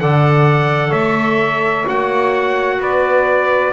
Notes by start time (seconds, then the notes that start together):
0.00 D3 A4 D5 F#5
0.88 A3 C#5 E5
1.86 A#3 F#4 F#5
2.80 B3 B4 D5